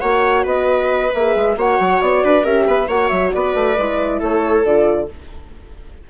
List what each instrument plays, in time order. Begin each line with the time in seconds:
0.00 bassoon A#3, horn F#4, viola C#5, flute F#5
0.43 bassoon B3, viola B4, flute D#5
1.14 bassoon A#3, horn G#4, flute E5
1.36 bassoon G#3
1.57 bassoon A#3, horn F#4, viola C#5, flute F#5
1.80 bassoon F#3
2.01 bassoon B3, flute D5
2.24 bassoon D4, viola B4
2.44 bassoon C#4, horn G4, viola A#4, flute E5
2.67 bassoon B3, viola B4
2.88 bassoon A#3, horn F#4, viola C#5, flute F#5
3.09 bassoon F#3, flute E5
3.33 bassoon B3, viola B4, flute D5
3.55 bassoon A3
3.78 bassoon G#3, horn E4
4.20 bassoon A3, viola A4, flute C#5
4.65 bassoon D3, horn F4, flute D5